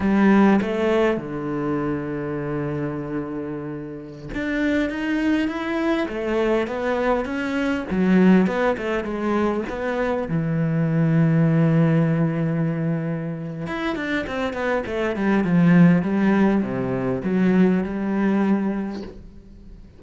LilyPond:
\new Staff \with { instrumentName = "cello" } { \time 4/4 \tempo 4 = 101 g4 a4 d2~ | d2.~ d16 d'8.~ | d'16 dis'4 e'4 a4 b8.~ | b16 cis'4 fis4 b8 a8 gis8.~ |
gis16 b4 e2~ e8.~ | e2. e'8 d'8 | c'8 b8 a8 g8 f4 g4 | c4 fis4 g2 | }